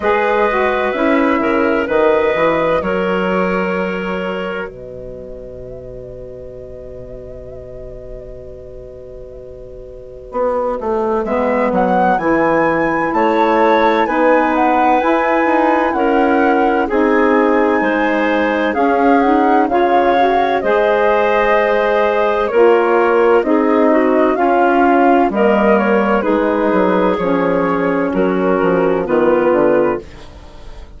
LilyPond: <<
  \new Staff \with { instrumentName = "flute" } { \time 4/4 \tempo 4 = 64 dis''4 e''4 dis''4 cis''4~ | cis''4 dis''2.~ | dis''1 | e''8 fis''8 gis''4 a''4 gis''8 fis''8 |
gis''4 fis''4 gis''2 | f''8 fis''8 f''4 dis''2 | cis''4 dis''4 f''4 dis''8 cis''8 | b'4 cis''4 ais'4 b'4 | }
  \new Staff \with { instrumentName = "clarinet" } { \time 4/4 b'4. ais'8 b'4 ais'4~ | ais'4 b'2.~ | b'1~ | b'2 cis''4 b'4~ |
b'4 ais'4 gis'4 c''4 | gis'4 cis''4 c''2 | ais'4 gis'8 fis'8 f'4 ais'4 | gis'2 fis'4 f'4 | }
  \new Staff \with { instrumentName = "saxophone" } { \time 4/4 gis'8 fis'8 e'4 fis'2~ | fis'1~ | fis'1 | b4 e'2 dis'4 |
e'2 dis'2 | cis'8 dis'8 f'8 fis'8 gis'2 | f'4 dis'4 cis'4 ais4 | dis'4 cis'2 b4 | }
  \new Staff \with { instrumentName = "bassoon" } { \time 4/4 gis4 cis'8 cis8 dis8 e8 fis4~ | fis4 b,2.~ | b,2. b8 a8 | gis8 fis8 e4 a4 b4 |
e'8 dis'8 cis'4 c'4 gis4 | cis'4 cis4 gis2 | ais4 c'4 cis'4 g4 | gis8 fis8 f4 fis8 f8 dis8 d8 | }
>>